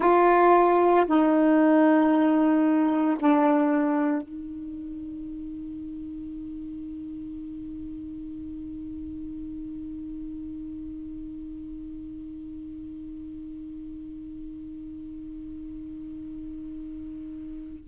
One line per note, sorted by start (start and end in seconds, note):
0.00 1.05 F4
1.06 3.17 D#4
3.19 4.22 D4
4.22 17.88 D#4